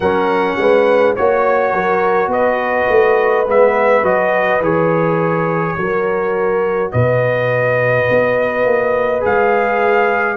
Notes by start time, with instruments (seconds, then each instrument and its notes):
0.00 tuba F#3, trombone C#4, horn A#4, trumpet F#5
0.57 tuba G#3, horn B4
1.16 tuba A#3, trombone F#4, horn C#5, trumpet C#5
1.72 tuba F#3, horn A#4
2.27 tuba B3, horn B4, trumpet D#5
2.89 tuba A3
3.46 tuba G#3, trombone B3, trumpet E5
4.02 tuba F#3, trombone F#4, trumpet D#5
4.60 tuba E3, trombone G#4, trumpet C#5
5.76 tuba F#3, trombone F#4, horn A#4
6.91 tuba B2, horn B4, trumpet D#5
8.10 tuba B3
8.64 tuba A#3
9.20 tuba G#3, trombone G#4, trumpet F5